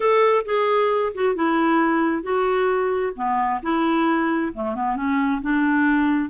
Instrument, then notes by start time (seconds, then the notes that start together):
clarinet
0.00 A4
0.45 G#4
1.14 F#4
1.35 E4
2.22 F#4
3.15 B3
3.62 E4
4.53 A3
4.75 B3
4.96 C#4
5.41 D4